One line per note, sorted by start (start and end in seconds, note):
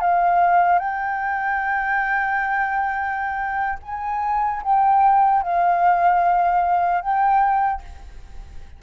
0.00 0.79 F5
0.79 3.79 G5
3.82 4.62 G#5
4.62 5.42 G5
5.42 7.01 F5
7.01 7.81 G5